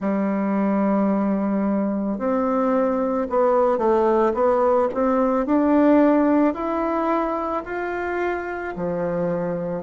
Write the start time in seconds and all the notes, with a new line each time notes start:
0.00 G3
2.18 C4
3.29 B3
3.78 A3
4.33 B3
4.93 C4
5.45 D4
6.54 E4
7.65 F4
8.76 F3